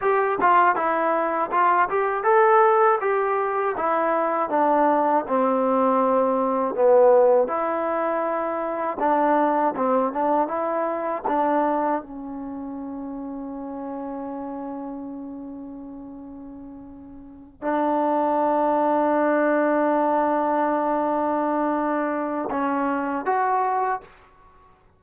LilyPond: \new Staff \with { instrumentName = "trombone" } { \time 4/4 \tempo 4 = 80 g'8 f'8 e'4 f'8 g'8 a'4 | g'4 e'4 d'4 c'4~ | c'4 b4 e'2 | d'4 c'8 d'8 e'4 d'4 |
cis'1~ | cis'2.~ cis'8 d'8~ | d'1~ | d'2 cis'4 fis'4 | }